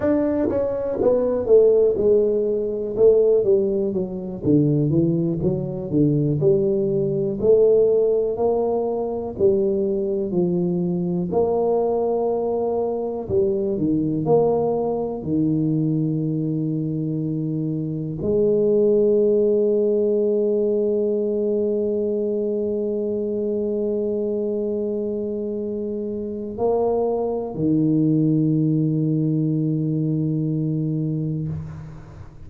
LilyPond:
\new Staff \with { instrumentName = "tuba" } { \time 4/4 \tempo 4 = 61 d'8 cis'8 b8 a8 gis4 a8 g8 | fis8 d8 e8 fis8 d8 g4 a8~ | a8 ais4 g4 f4 ais8~ | ais4. g8 dis8 ais4 dis8~ |
dis2~ dis8 gis4.~ | gis1~ | gis2. ais4 | dis1 | }